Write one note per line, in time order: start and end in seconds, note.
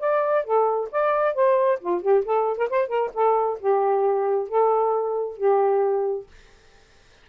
0.00 0.45 D5
0.45 0.90 A4
0.92 1.35 D5
1.35 1.80 C5
1.80 2.02 F4
2.02 2.25 G4
2.26 2.58 A4
2.58 2.69 A#4
2.70 2.88 C5
2.88 3.11 A#4
3.14 3.59 A4
3.60 4.49 G4
4.49 5.38 A4
5.38 6.27 G4